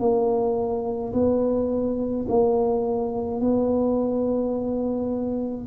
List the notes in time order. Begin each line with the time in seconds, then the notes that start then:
0.00 A#3
1.13 B3
2.29 A#3
3.41 B3